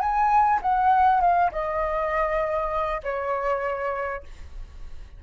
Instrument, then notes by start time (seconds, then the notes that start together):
flute
0.00 G#5
0.62 F#5
1.21 F5
1.52 D#5
3.03 C#5